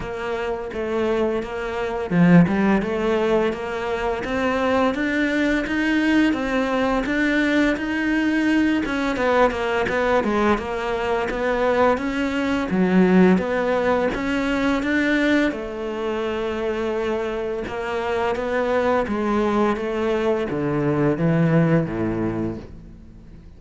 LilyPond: \new Staff \with { instrumentName = "cello" } { \time 4/4 \tempo 4 = 85 ais4 a4 ais4 f8 g8 | a4 ais4 c'4 d'4 | dis'4 c'4 d'4 dis'4~ | dis'8 cis'8 b8 ais8 b8 gis8 ais4 |
b4 cis'4 fis4 b4 | cis'4 d'4 a2~ | a4 ais4 b4 gis4 | a4 d4 e4 a,4 | }